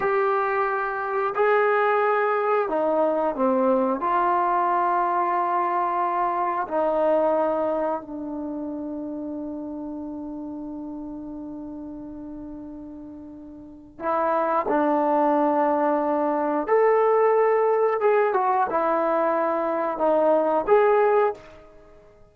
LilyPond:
\new Staff \with { instrumentName = "trombone" } { \time 4/4 \tempo 4 = 90 g'2 gis'2 | dis'4 c'4 f'2~ | f'2 dis'2 | d'1~ |
d'1~ | d'4 e'4 d'2~ | d'4 a'2 gis'8 fis'8 | e'2 dis'4 gis'4 | }